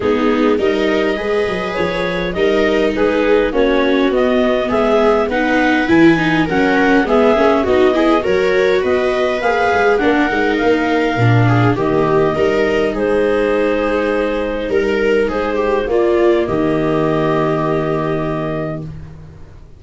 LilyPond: <<
  \new Staff \with { instrumentName = "clarinet" } { \time 4/4 \tempo 4 = 102 gis'4 dis''2 cis''4 | dis''4 b'4 cis''4 dis''4 | e''4 fis''4 gis''4 fis''4 | e''4 dis''4 cis''4 dis''4 |
f''4 fis''4 f''2 | dis''2 c''2~ | c''4 ais'4 c''4 d''4 | dis''1 | }
  \new Staff \with { instrumentName = "viola" } { \time 4/4 dis'4 ais'4 b'2 | ais'4 gis'4 fis'2 | gis'4 b'2 ais'4 | gis'4 fis'8 gis'8 ais'4 b'4~ |
b'4 ais'2~ ais'8 gis'8 | g'4 ais'4 gis'2~ | gis'4 ais'4 gis'8 g'8 f'4 | g'1 | }
  \new Staff \with { instrumentName = "viola" } { \time 4/4 b4 dis'4 gis'2 | dis'2 cis'4 b4~ | b4 dis'4 e'8 dis'8 cis'4 | b8 cis'8 dis'8 e'8 fis'2 |
gis'4 d'8 dis'4. d'4 | ais4 dis'2.~ | dis'2. ais4~ | ais1 | }
  \new Staff \with { instrumentName = "tuba" } { \time 4/4 gis4 g4 gis8 fis8 f4 | g4 gis4 ais4 b4 | gis4 b4 e4 fis4 | gis8 ais8 b4 fis4 b4 |
ais8 gis8 ais8 gis8 ais4 ais,4 | dis4 g4 gis2~ | gis4 g4 gis4 ais4 | dis1 | }
>>